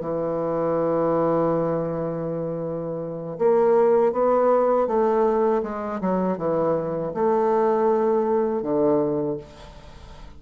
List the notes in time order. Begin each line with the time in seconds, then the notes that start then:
0.00 E3
3.38 A#3
4.12 B3
4.87 A3
5.62 G#3
6.01 F#3
6.38 E3
7.14 A3
8.62 D3